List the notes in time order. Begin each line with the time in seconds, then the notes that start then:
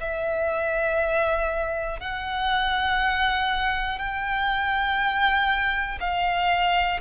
0.00 E5
1.99 F#5
3.98 G5
6.00 F5